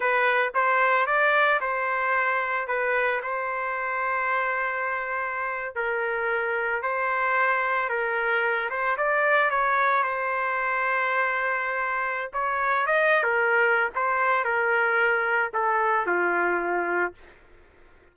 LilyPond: \new Staff \with { instrumentName = "trumpet" } { \time 4/4 \tempo 4 = 112 b'4 c''4 d''4 c''4~ | c''4 b'4 c''2~ | c''2~ c''8. ais'4~ ais'16~ | ais'8. c''2 ais'4~ ais'16~ |
ais'16 c''8 d''4 cis''4 c''4~ c''16~ | c''2. cis''4 | dis''8. ais'4~ ais'16 c''4 ais'4~ | ais'4 a'4 f'2 | }